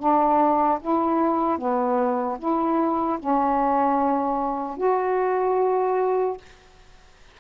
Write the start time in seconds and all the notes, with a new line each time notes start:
0.00 D4
0.81 E4
1.59 B3
2.39 E4
3.20 C#4
4.77 F#4